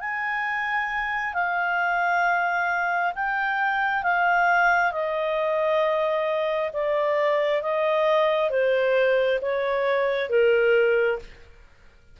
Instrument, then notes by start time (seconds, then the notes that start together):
clarinet
0.00 G#5
1.34 F5
3.15 G5
4.03 F5
4.92 D#5
6.73 D5
7.62 D#5
8.50 C5
9.42 C#5
10.29 A#4